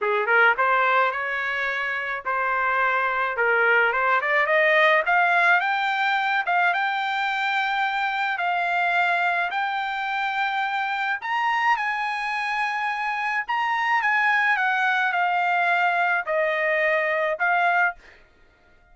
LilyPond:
\new Staff \with { instrumentName = "trumpet" } { \time 4/4 \tempo 4 = 107 gis'8 ais'8 c''4 cis''2 | c''2 ais'4 c''8 d''8 | dis''4 f''4 g''4. f''8 | g''2. f''4~ |
f''4 g''2. | ais''4 gis''2. | ais''4 gis''4 fis''4 f''4~ | f''4 dis''2 f''4 | }